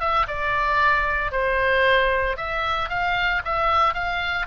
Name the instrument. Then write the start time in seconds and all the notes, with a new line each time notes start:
oboe
0.00 E5
0.28 D5
1.32 C5
2.37 E5
2.89 F5
3.45 E5
3.94 F5